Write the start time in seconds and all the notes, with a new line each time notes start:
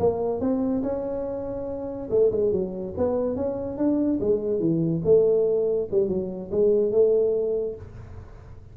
0.00 A#3
0.41 C4
0.83 C#4
2.11 A3
2.32 G#3
2.52 F#3
2.98 B3
3.36 C#4
3.78 D4
4.21 G#3
4.60 E3
5.05 A3
5.91 G3
6.09 F#3
6.51 G#3
6.92 A3